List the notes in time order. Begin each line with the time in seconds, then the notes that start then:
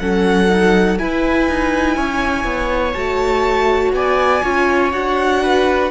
0.00 F#3 C#4 A4 F#5
0.49 D#4
0.99 E4 B4 G#5
1.49 D#4
1.97 C#4 C#5
2.45 B3
2.93 A3 F#4 A5
3.93 B3 D5 G#5
4.43 C#4 F4 C#5
4.92 D4 F#4 F#5
5.43 B4